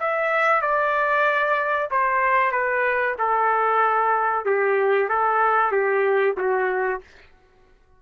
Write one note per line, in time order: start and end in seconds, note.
0.00 0.62 E5
0.62 1.89 D5
1.91 2.52 C5
2.52 3.16 B4
3.19 4.45 A4
4.45 5.09 G4
5.09 5.72 A4
5.72 6.36 G4
6.37 7.01 F#4